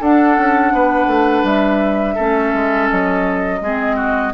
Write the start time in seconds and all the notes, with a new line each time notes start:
0.00 D4 A4 F#5
0.37 C#4
0.72 B3 B4
1.07 A3
1.43 G3 E5
2.15 A3 C#4 A4
2.53 G#3
2.89 F#3 D#5
3.61 G#3 C4 G#4
3.96 F#4